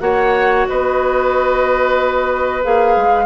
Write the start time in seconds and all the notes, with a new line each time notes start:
0.00 A#3 F#4 C#5 F#5
0.68 B3 B4 D#5
2.63 A#3 G#4 F5
2.97 G#3